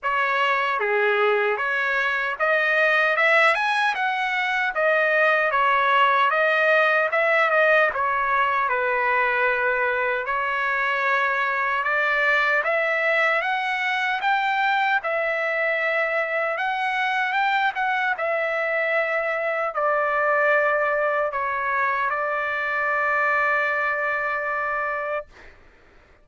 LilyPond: \new Staff \with { instrumentName = "trumpet" } { \time 4/4 \tempo 4 = 76 cis''4 gis'4 cis''4 dis''4 | e''8 gis''8 fis''4 dis''4 cis''4 | dis''4 e''8 dis''8 cis''4 b'4~ | b'4 cis''2 d''4 |
e''4 fis''4 g''4 e''4~ | e''4 fis''4 g''8 fis''8 e''4~ | e''4 d''2 cis''4 | d''1 | }